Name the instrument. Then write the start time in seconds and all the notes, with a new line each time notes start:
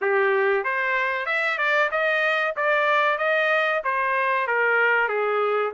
trumpet
0.01 G4
0.64 C5
1.26 E5
1.58 D5
1.91 D#5
2.56 D5
3.18 D#5
3.84 C5
4.47 A#4
5.08 G#4